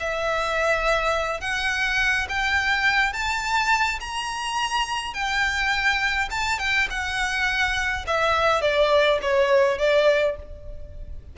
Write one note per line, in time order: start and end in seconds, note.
0.00 1.41 E5
1.41 2.27 F#5
2.29 3.13 G5
3.13 3.99 A5
4.00 5.14 A#5
5.14 6.29 G5
6.30 6.59 A5
6.59 6.88 G5
6.90 8.06 F#5
8.07 8.61 E5
8.61 9.19 D5
9.22 9.78 C#5
9.78 10.36 D5